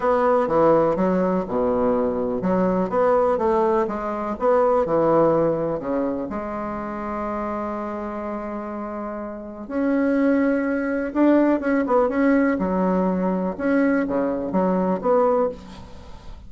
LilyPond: \new Staff \with { instrumentName = "bassoon" } { \time 4/4 \tempo 4 = 124 b4 e4 fis4 b,4~ | b,4 fis4 b4 a4 | gis4 b4 e2 | cis4 gis2.~ |
gis1 | cis'2. d'4 | cis'8 b8 cis'4 fis2 | cis'4 cis4 fis4 b4 | }